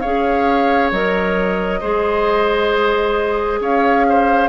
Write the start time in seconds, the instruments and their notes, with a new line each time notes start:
0.00 bassoon C#4, clarinet G#4, oboe C#5, flute F5
0.92 bassoon F#3, clarinet A#4, flute D#5
1.81 bassoon G#3, clarinet G#4, oboe C5
3.60 bassoon C#4, oboe C#5, flute F5
4.09 oboe C5